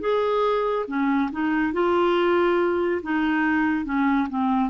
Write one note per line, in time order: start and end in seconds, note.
0.00 0.86 G#4
0.87 1.30 C#4
1.32 1.73 D#4
1.73 3.02 F4
3.03 3.85 D#4
3.85 4.28 C#4
4.29 4.70 C4